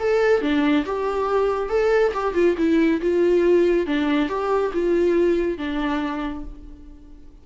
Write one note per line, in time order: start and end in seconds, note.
0.00 0.42 A4
0.42 0.85 D4
0.86 1.70 G4
1.70 2.13 A4
2.14 2.34 G4
2.34 2.56 F4
2.58 3.01 E4
3.02 3.87 F4
3.87 4.29 D4
4.29 4.72 G4
4.73 5.58 F4
5.58 6.45 D4